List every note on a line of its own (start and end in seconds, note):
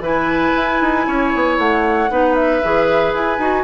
0.00 0.52 E3
0.00 2.09 E4
0.00 1.06 B4
0.00 1.59 G#5
0.56 0.81 E4
0.81 1.07 D#4
1.07 1.33 C#4
1.07 2.11 C#5
1.35 1.58 B3
1.58 2.10 A3
1.58 2.35 F#5
2.11 2.62 B3
2.11 2.62 D#4
2.11 3.64 B4
2.35 3.13 E5
2.64 3.14 E3
2.64 3.39 G#4
3.14 3.39 E4
3.14 3.64 G#5
3.39 3.64 D#4
3.39 3.64 F#4